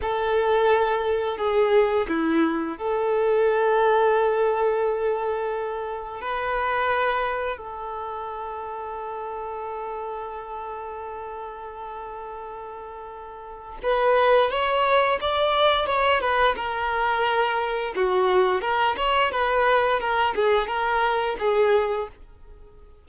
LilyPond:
\new Staff \with { instrumentName = "violin" } { \time 4/4 \tempo 4 = 87 a'2 gis'4 e'4 | a'1~ | a'4 b'2 a'4~ | a'1~ |
a'1 | b'4 cis''4 d''4 cis''8 b'8 | ais'2 fis'4 ais'8 cis''8 | b'4 ais'8 gis'8 ais'4 gis'4 | }